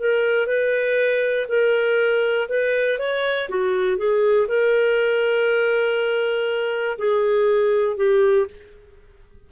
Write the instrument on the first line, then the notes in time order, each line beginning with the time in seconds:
clarinet
0.00 A#4
0.47 B4
1.48 A#4
2.49 B4
2.99 C#5
3.50 F#4
3.98 G#4
4.48 A#4
6.99 G#4
7.97 G4